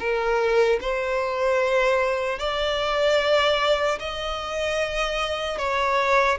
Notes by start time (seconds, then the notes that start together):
0.00 A#4
0.81 C5
2.39 D5
4.00 D#5
5.59 C#5